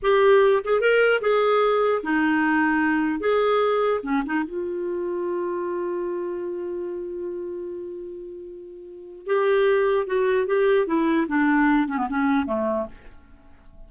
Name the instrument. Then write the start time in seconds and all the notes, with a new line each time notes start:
clarinet
0.02 G4
0.64 G#4
0.80 A#4
1.21 G#4
2.03 D#4
3.20 G#4
4.03 C#4
4.26 D#4
4.44 F4
9.26 G4
10.06 F#4
10.46 G4
10.86 E4
11.28 D4
11.88 C#4
11.97 B3
12.09 C#4
12.46 A3